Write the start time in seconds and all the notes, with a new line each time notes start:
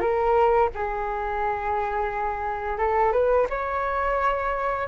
0.00 A#4
0.74 G#4
2.78 A4
3.12 B4
3.50 C#5